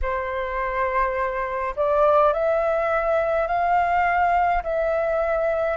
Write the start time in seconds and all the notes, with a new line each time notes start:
0.02 C5
1.76 D5
2.33 E5
3.47 F5
4.63 E5